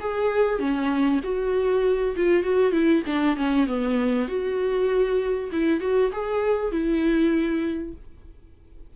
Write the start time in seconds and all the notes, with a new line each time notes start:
0.00 G#4
0.59 C#4
1.24 F#4
2.17 F4
2.43 F#4
2.72 E4
3.06 D4
3.37 C#4
3.67 B3
4.28 F#4
5.52 E4
5.81 F#4
6.12 G#4
6.72 E4